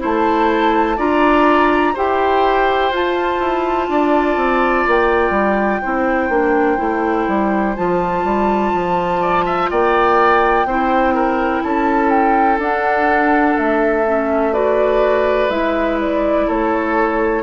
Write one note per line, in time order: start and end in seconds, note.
0.00 0.98 A3
0.00 0.97 E4
0.00 0.98 C5
0.00 1.00 A5
0.98 1.95 D4
0.98 1.95 F4
0.98 1.94 D5
0.98 1.96 A#5
1.94 2.91 E4
1.94 2.93 G4
1.94 3.88 C5
1.94 2.94 G5
2.91 3.40 F4
2.91 5.84 F4
2.91 4.89 A5
3.40 3.88 E4
3.89 4.37 D4
3.89 5.82 D5
4.37 4.85 C4
4.87 5.31 A#3
4.87 7.76 G5
5.31 5.79 G3
5.82 6.30 C4
5.82 6.31 E4
5.82 9.21 C5
6.30 6.78 A#3
6.30 6.78 D4
6.78 7.28 A3
6.78 7.75 E4
7.28 7.77 G3
7.76 8.25 F3
7.76 10.67 F4
7.76 9.70 A5
8.25 8.73 G3
8.74 9.70 F3
9.21 9.45 D5
9.46 9.70 E5
9.71 10.66 A#3
9.71 10.67 D5
9.71 11.63 G5
10.66 11.62 C4
10.66 12.60 E4
10.66 11.15 C5
11.15 11.63 A#4
11.63 12.59 C#4
11.63 14.53 A4
11.63 12.10 A5
12.10 12.59 G5
12.59 13.56 D4
12.59 14.05 D4
12.59 13.58 F#5
13.58 15.50 A3
13.58 14.54 E5
14.06 14.53 C#4
14.53 15.50 F#4
14.53 16.47 B4
14.53 15.50 D5
15.50 16.47 G#3
15.50 17.43 E4
15.50 15.99 E5
16.01 16.49 D5
16.48 17.43 A3
16.48 17.43 A4
16.48 17.43 C#5